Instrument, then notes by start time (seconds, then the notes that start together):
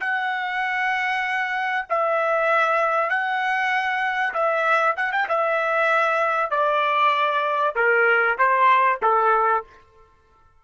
trumpet
0.00 F#5
1.89 E5
3.09 F#5
4.33 E5
4.96 F#5
5.12 G5
5.28 E5
6.50 D5
7.75 A#4
8.38 C5
9.02 A4